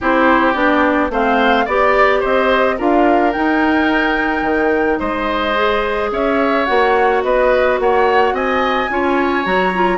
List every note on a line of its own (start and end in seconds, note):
0.00 0.54 C4
0.00 0.54 E4
0.00 1.11 G4
0.00 0.53 C5
0.53 1.10 B3
0.53 1.09 D4
0.53 1.09 D5
1.10 1.65 A3
1.10 1.67 C4
1.10 1.65 C5
1.10 1.66 F5
1.65 2.22 B3
1.65 2.78 G4
1.65 2.20 D5
1.65 2.22 D5
2.20 2.79 C4
2.20 2.75 C5
2.20 2.78 D#5
2.77 3.35 D4
2.77 3.33 F4
2.77 4.99 A#4
2.77 3.32 F5
3.32 5.55 D#4
3.32 4.42 D#4
3.32 4.99 G5
4.42 4.97 D#3
4.99 6.11 G#3
4.99 6.10 C5
4.99 6.10 D#5
5.55 6.66 G#4
6.11 6.66 C#4
6.11 7.23 C#5
6.11 6.65 E5
6.65 7.23 A#3
6.65 8.89 F#4
6.65 7.21 F#5
7.23 7.79 B3
7.23 7.79 B4
7.23 7.78 D#5
7.79 8.32 A#3
7.79 8.34 C#5
7.79 8.35 F#5
8.32 8.87 C4
8.32 8.90 D#5
8.32 9.45 G#5
8.90 9.45 C#4
8.90 9.44 F4
8.90 9.98 C#5
9.44 9.98 F#3
9.44 9.72 F#4
9.44 9.98 A#5
9.74 9.98 F4